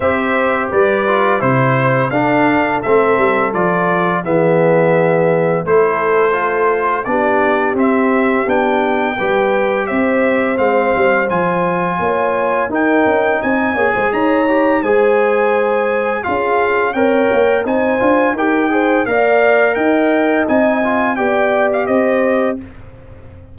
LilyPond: <<
  \new Staff \with { instrumentName = "trumpet" } { \time 4/4 \tempo 4 = 85 e''4 d''4 c''4 f''4 | e''4 d''4 e''2 | c''2 d''4 e''4 | g''2 e''4 f''4 |
gis''2 g''4 gis''4 | ais''4 gis''2 f''4 | g''4 gis''4 g''4 f''4 | g''4 gis''4 g''8. f''16 dis''4 | }
  \new Staff \with { instrumentName = "horn" } { \time 4/4 c''4 b'4 c''4 a'4~ | a'2 gis'2 | a'2 g'2~ | g'4 b'4 c''2~ |
c''4 cis''4 ais'4 dis''8 cis''16 c''16 | cis''4 c''2 gis'4 | cis''4 c''4 ais'8 c''8 d''4 | dis''2 d''4 c''4 | }
  \new Staff \with { instrumentName = "trombone" } { \time 4/4 g'4. f'8 e'4 d'4 | c'4 f'4 b2 | e'4 f'4 d'4 c'4 | d'4 g'2 c'4 |
f'2 dis'4. gis'8~ | gis'8 g'8 gis'2 f'4 | ais'4 dis'8 f'8 g'8 gis'8 ais'4~ | ais'4 dis'8 f'8 g'2 | }
  \new Staff \with { instrumentName = "tuba" } { \time 4/4 c'4 g4 c4 d'4 | a8 g8 f4 e2 | a2 b4 c'4 | b4 g4 c'4 gis8 g8 |
f4 ais4 dis'8 cis'8 c'8 ais16 gis16 | dis'4 gis2 cis'4 | c'8 ais8 c'8 d'8 dis'4 ais4 | dis'4 c'4 b4 c'4 | }
>>